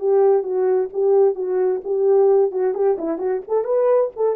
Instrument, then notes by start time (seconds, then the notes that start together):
horn
0.00 G4
0.43 F#4
0.93 G4
1.36 F#4
1.84 G4
2.52 F#4
2.74 G4
2.99 E4
3.19 F#4
3.48 A4
3.65 B4
4.16 A4